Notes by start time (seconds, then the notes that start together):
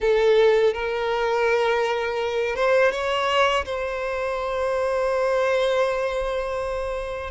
0.00 A4
0.73 A#4
2.55 C5
2.91 C#5
3.65 C5